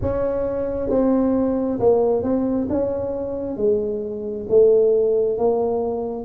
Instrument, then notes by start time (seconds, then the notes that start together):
tuba
0.01 C#4
0.90 C4
1.79 A#3
2.22 C4
2.69 C#4
3.57 G#3
4.49 A3
5.37 A#3